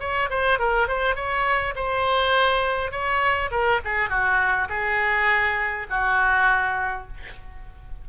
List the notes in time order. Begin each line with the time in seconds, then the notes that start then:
0.00 C#5
0.30 C5
0.59 A#4
0.88 C5
1.16 C#5
1.75 C5
2.91 C#5
3.51 A#4
3.85 G#4
4.10 F#4
4.69 G#4
5.90 F#4